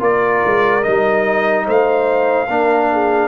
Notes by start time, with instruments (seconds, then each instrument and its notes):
0.00 tuba A#3, trombone F4, horn A#4, trumpet D5
0.45 tuba G#3
0.83 tuba G3, trombone D#4, trumpet D#5
1.66 tuba A3, horn C5, trumpet F5
2.49 tuba A#3, trombone D4, horn A#4
2.93 horn G#4